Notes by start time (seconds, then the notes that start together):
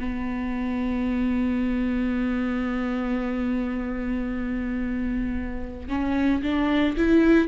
0.00 B3
5.89 C#4
6.43 D4
6.97 E4